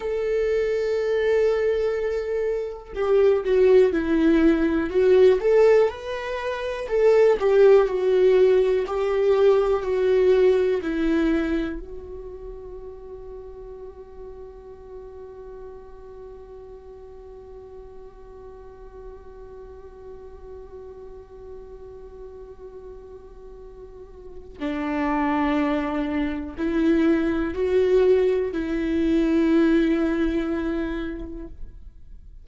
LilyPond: \new Staff \with { instrumentName = "viola" } { \time 4/4 \tempo 4 = 61 a'2. g'8 fis'8 | e'4 fis'8 a'8 b'4 a'8 g'8 | fis'4 g'4 fis'4 e'4 | fis'1~ |
fis'1~ | fis'1~ | fis'4 d'2 e'4 | fis'4 e'2. | }